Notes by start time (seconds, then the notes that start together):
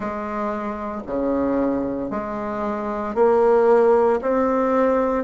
0.00 G#3
1.06 C#3
2.10 G#3
3.14 A#3
4.21 C4